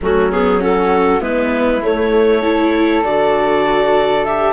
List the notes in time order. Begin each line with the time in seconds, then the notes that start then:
0.01 F#3 A3 C#4 F#4
0.31 B3 G#4
0.58 C#4 F#4 A4
1.20 G#3 B3 E4 B4
1.82 A3 C#5
2.41 E4 A4
3.04 D3 F#4 D5
4.25 G4 E5